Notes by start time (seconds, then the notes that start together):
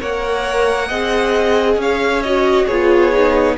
0.00 A#3 A#4 C#5 F#5
0.88 C4 G#4 D#5
1.76 C#4 C#5 F5
2.23 F#4 D#5
2.66 B3 F4 G#4 C#5
3.12 D#4